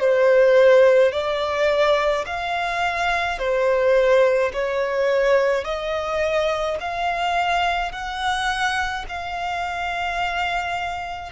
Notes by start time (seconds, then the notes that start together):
0.00 C5
1.12 D5
2.26 F5
3.39 C5
4.53 C#5
5.64 D#5
6.80 F5
7.92 F#5
9.09 F5